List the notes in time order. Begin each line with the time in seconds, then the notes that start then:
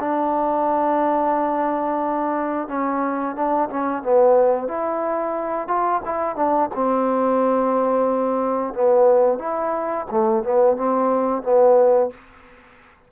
0.00 D4
2.68 C#4
3.36 D4
3.70 C#4
4.03 B3
4.68 E4
5.68 F4
6.06 E4
6.36 D4
6.75 C4
8.74 B3
9.39 E4
10.11 A3
10.44 B3
10.77 C4
11.43 B3